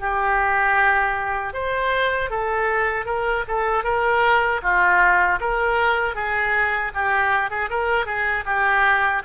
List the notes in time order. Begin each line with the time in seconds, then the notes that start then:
0.00 G4
1.53 C5
2.31 A4
3.06 A#4
3.48 A4
3.84 A#4
4.63 F4
5.41 A#4
6.15 G#4
6.95 G4
7.51 G#4
7.70 A#4
8.06 G#4
8.46 G4